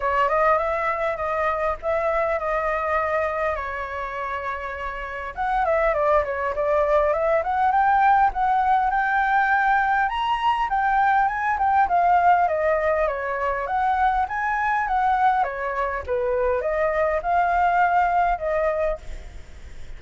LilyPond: \new Staff \with { instrumentName = "flute" } { \time 4/4 \tempo 4 = 101 cis''8 dis''8 e''4 dis''4 e''4 | dis''2 cis''2~ | cis''4 fis''8 e''8 d''8 cis''8 d''4 | e''8 fis''8 g''4 fis''4 g''4~ |
g''4 ais''4 g''4 gis''8 g''8 | f''4 dis''4 cis''4 fis''4 | gis''4 fis''4 cis''4 b'4 | dis''4 f''2 dis''4 | }